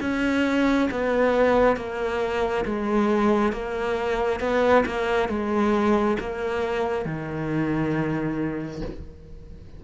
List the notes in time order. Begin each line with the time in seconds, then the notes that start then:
0.00 C#4
0.90 B3
1.76 A#3
2.65 G#3
3.52 A#3
4.40 B3
4.85 A#3
5.29 G#3
6.19 A#3
7.05 D#3